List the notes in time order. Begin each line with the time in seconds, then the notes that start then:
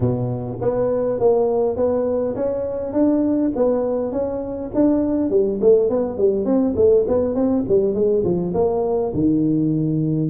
0.00 B2
0.61 B3
1.19 A#3
1.76 B3
2.35 C#4
2.93 D4
3.55 B3
4.12 C#4
4.74 D4
5.30 G3
5.61 A3
5.89 B3
6.17 G3
6.45 C4
6.76 A3
7.07 B3
7.34 C4
7.68 G3
7.94 G#3
8.24 F3
8.54 A#3
9.14 D#3